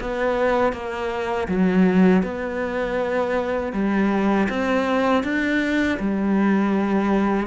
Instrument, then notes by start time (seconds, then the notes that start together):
cello
0.00 B3
0.72 A#3
1.48 F#3
2.22 B3
3.73 G3
4.49 C4
5.23 D4
5.99 G3